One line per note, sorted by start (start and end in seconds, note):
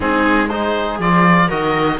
0.00 0.98 G#3
0.00 0.48 C4
0.00 0.49 D#4
0.00 0.48 G#4
0.48 1.00 D#4
0.48 1.47 G#4
0.48 0.98 C5
0.98 1.48 F3
0.98 1.50 F4
0.98 1.50 D5
1.47 1.99 D#3
1.47 1.99 F#4
1.47 1.97 A#4
1.47 1.99 D#5